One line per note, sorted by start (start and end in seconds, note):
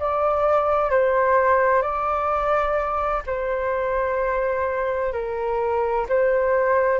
0.00 0.91 D5
0.91 1.82 C5
1.82 3.23 D5
3.27 5.13 C5
5.13 6.07 A#4
6.09 7.00 C5